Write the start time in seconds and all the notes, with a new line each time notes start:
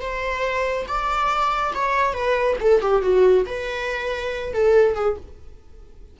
0.00 C5
0.87 D5
1.74 C#5
2.13 B4
2.60 A4
2.81 G4
3.02 F#4
3.46 B4
4.53 A4
4.95 G#4